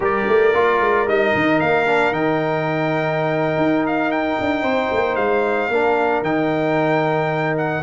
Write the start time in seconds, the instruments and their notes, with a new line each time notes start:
0.00 tuba G3, trombone G4, horn A#4, trumpet D5
0.28 tuba A3
0.54 tuba A#3, trombone F4
0.80 tuba G#3
1.06 tuba G3, trombone D#4, trumpet D#5
1.35 tuba D#3
1.60 tuba A#3, trumpet F5
1.86 trombone D4
2.12 tuba D#3, trombone D#4, trumpet G5
3.56 tuba D#4
3.86 trumpet F5
4.11 trumpet G5
4.40 tuba D4
4.62 tuba C4, horn C5
4.92 tuba A#3
5.15 tuba G#3, trumpet F5
5.69 tuba A#3, trombone D4, horn A#4
6.22 tuba D#3, trombone D#4, trumpet G5
7.57 trumpet F#5